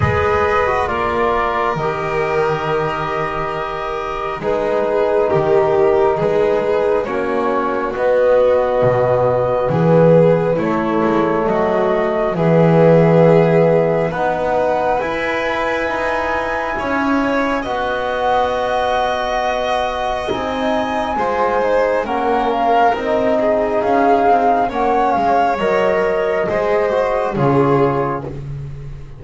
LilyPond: <<
  \new Staff \with { instrumentName = "flute" } { \time 4/4 \tempo 4 = 68 dis''4 d''4 dis''2~ | dis''4 b'4 ais'4 b'4 | cis''4 dis''2 b'4 | cis''4 dis''4 e''2 |
fis''4 gis''2. | fis''2. gis''4~ | gis''4 fis''8 f''8 dis''4 f''4 | fis''8 f''8 dis''2 cis''4 | }
  \new Staff \with { instrumentName = "violin" } { \time 4/4 b'4 ais'2.~ | ais'4 gis'4 g'4 gis'4 | fis'2. gis'4 | e'4 fis'4 gis'2 |
b'2. cis''4 | dis''1 | c''4 ais'4. gis'4. | cis''2 c''4 gis'4 | }
  \new Staff \with { instrumentName = "trombone" } { \time 4/4 gis'8. fis'16 f'4 g'2~ | g'4 dis'2. | cis'4 b2. | a2 b2 |
dis'4 e'2. | fis'2. dis'4 | f'8 dis'8 cis'4 dis'2 | cis'4 ais'4 gis'8 fis'8 f'4 | }
  \new Staff \with { instrumentName = "double bass" } { \time 4/4 gis4 ais4 dis2~ | dis4 gis4 dis4 gis4 | ais4 b4 b,4 e4 | a8 gis8 fis4 e2 |
b4 e'4 dis'4 cis'4 | b2. c'4 | gis4 ais4 c'4 cis'8 c'8 | ais8 gis8 fis4 gis4 cis4 | }
>>